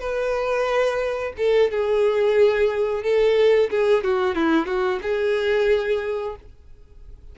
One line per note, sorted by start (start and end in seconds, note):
0.00 1.33 B4
1.38 1.71 A4
1.72 3.03 G#4
3.03 3.70 A4
3.71 4.04 G#4
4.04 4.35 F#4
4.35 4.66 E4
4.66 5.00 F#4
5.02 6.36 G#4